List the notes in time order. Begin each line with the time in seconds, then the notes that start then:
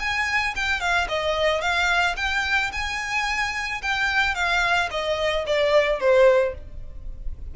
0.00 G#5
0.56 G5
0.81 F5
1.09 D#5
1.61 F5
2.17 G5
2.72 G#5
3.82 G5
4.35 F5
4.91 D#5
5.46 D5
6.00 C5